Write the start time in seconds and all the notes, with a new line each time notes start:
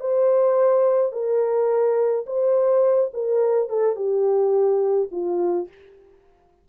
0.00 C5
1.12 A#4
2.26 C5
3.13 A#4
3.69 A4
3.96 G4
5.11 F4